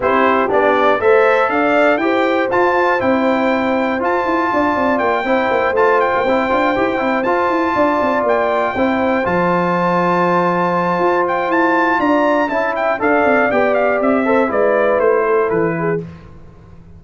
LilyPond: <<
  \new Staff \with { instrumentName = "trumpet" } { \time 4/4 \tempo 4 = 120 c''4 d''4 e''4 f''4 | g''4 a''4 g''2 | a''2 g''4. a''8 | g''2~ g''8 a''4.~ |
a''8 g''2 a''4.~ | a''2~ a''8 g''8 a''4 | ais''4 a''8 g''8 f''4 g''8 f''8 | e''4 d''4 c''4 b'4 | }
  \new Staff \with { instrumentName = "horn" } { \time 4/4 g'2 c''4 d''4 | c''1~ | c''4 d''4. c''4.~ | c''2.~ c''8 d''8~ |
d''4. c''2~ c''8~ | c''1 | d''4 e''4 d''2~ | d''8 c''8 b'4. a'4 gis'8 | }
  \new Staff \with { instrumentName = "trombone" } { \time 4/4 e'4 d'4 a'2 | g'4 f'4 e'2 | f'2~ f'8 e'4 f'8~ | f'8 e'8 f'8 g'8 e'8 f'4.~ |
f'4. e'4 f'4.~ | f'1~ | f'4 e'4 a'4 g'4~ | g'8 a'8 e'2. | }
  \new Staff \with { instrumentName = "tuba" } { \time 4/4 c'4 b4 a4 d'4 | e'4 f'4 c'2 | f'8 e'8 d'8 c'8 ais8 c'8 ais8 a8~ | a16 ais16 c'8 d'8 e'8 c'8 f'8 e'8 d'8 |
c'8 ais4 c'4 f4.~ | f2 f'4 e'4 | d'4 cis'4 d'8 c'8 b4 | c'4 gis4 a4 e4 | }
>>